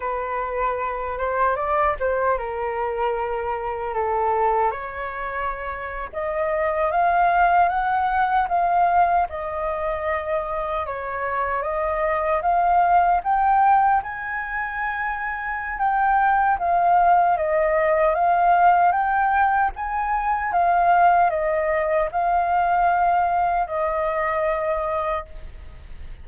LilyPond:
\new Staff \with { instrumentName = "flute" } { \time 4/4 \tempo 4 = 76 b'4. c''8 d''8 c''8 ais'4~ | ais'4 a'4 cis''4.~ cis''16 dis''16~ | dis''8. f''4 fis''4 f''4 dis''16~ | dis''4.~ dis''16 cis''4 dis''4 f''16~ |
f''8. g''4 gis''2~ gis''16 | g''4 f''4 dis''4 f''4 | g''4 gis''4 f''4 dis''4 | f''2 dis''2 | }